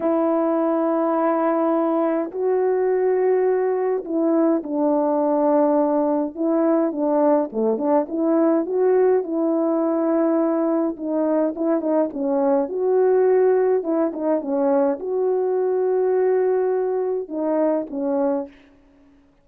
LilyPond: \new Staff \with { instrumentName = "horn" } { \time 4/4 \tempo 4 = 104 e'1 | fis'2. e'4 | d'2. e'4 | d'4 a8 d'8 e'4 fis'4 |
e'2. dis'4 | e'8 dis'8 cis'4 fis'2 | e'8 dis'8 cis'4 fis'2~ | fis'2 dis'4 cis'4 | }